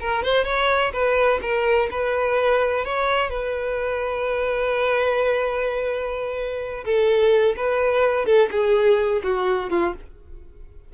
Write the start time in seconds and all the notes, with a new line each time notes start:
0.00 A#4
0.23 C5
0.45 C#5
0.93 B4
1.42 A#4
1.91 B4
2.85 C#5
3.30 B4
6.85 A4
7.57 B4
8.26 A4
8.51 G#4
9.23 F#4
9.70 F4